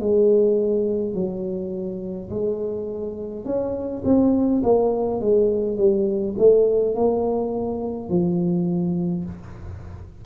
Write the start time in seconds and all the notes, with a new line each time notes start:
0.00 G#3
1.14 F#3
2.30 G#3
3.45 C#4
4.04 C4
4.63 A#3
5.20 G#3
5.77 G3
6.38 A3
6.95 A#3
8.09 F3